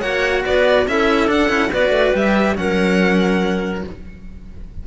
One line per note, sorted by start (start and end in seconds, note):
0.00 0.44 A#3
0.00 0.86 F#4
0.00 0.42 C#5
0.00 0.43 F#5
0.45 0.87 B3
0.45 0.87 B4
0.45 0.87 D5
0.87 1.28 C#4
0.87 1.27 E4
0.87 1.71 A4
0.87 1.29 E5
1.27 1.48 D4
1.27 1.49 D4
1.27 1.72 F#5
1.49 1.70 C#4
1.49 1.70 E4
1.71 1.90 B3
1.71 2.14 F#4
1.71 2.56 B4
1.71 2.15 D5
1.90 2.11 A3
2.14 2.57 G3
2.14 2.55 G4
2.14 2.56 E5
2.55 3.84 F#3
2.55 3.82 C#4
2.55 3.87 A#4
2.55 3.83 F#5